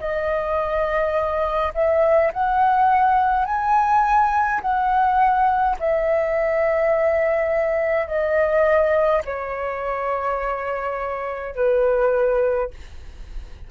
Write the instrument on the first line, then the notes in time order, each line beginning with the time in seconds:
flute
0.00 D#5
1.74 E5
2.33 F#5
3.46 G#5
4.62 F#5
5.80 E5
8.07 D#5
9.25 C#5
11.55 B4